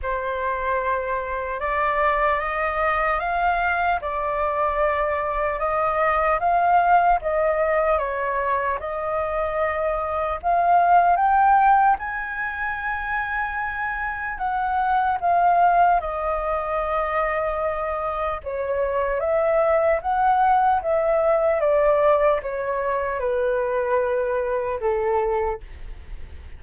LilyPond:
\new Staff \with { instrumentName = "flute" } { \time 4/4 \tempo 4 = 75 c''2 d''4 dis''4 | f''4 d''2 dis''4 | f''4 dis''4 cis''4 dis''4~ | dis''4 f''4 g''4 gis''4~ |
gis''2 fis''4 f''4 | dis''2. cis''4 | e''4 fis''4 e''4 d''4 | cis''4 b'2 a'4 | }